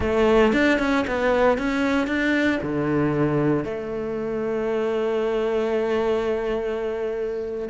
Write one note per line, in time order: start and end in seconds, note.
0.00 0.52 A3
0.52 0.78 D4
0.78 1.05 C#4
1.07 1.58 B3
1.58 2.07 C#4
2.07 2.59 D4
2.62 3.64 D3
3.64 7.68 A3